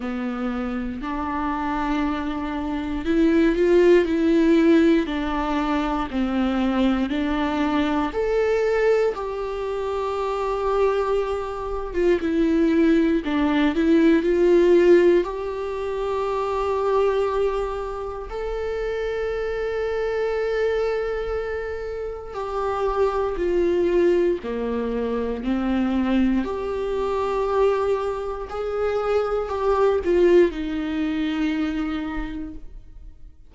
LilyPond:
\new Staff \with { instrumentName = "viola" } { \time 4/4 \tempo 4 = 59 b4 d'2 e'8 f'8 | e'4 d'4 c'4 d'4 | a'4 g'2~ g'8. f'16 | e'4 d'8 e'8 f'4 g'4~ |
g'2 a'2~ | a'2 g'4 f'4 | ais4 c'4 g'2 | gis'4 g'8 f'8 dis'2 | }